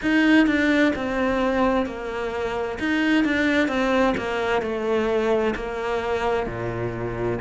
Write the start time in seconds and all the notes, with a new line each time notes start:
0.02 D#4
0.46 D4
0.95 C4
1.86 A#3
2.79 D#4
3.24 D4
3.68 C4
4.17 A#3
4.62 A3
5.55 A#3
6.46 A#2